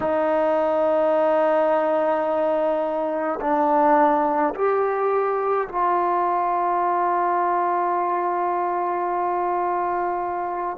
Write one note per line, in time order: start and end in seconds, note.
0.00 3.40 D#4
3.40 4.53 D4
4.54 5.68 G4
5.68 10.77 F4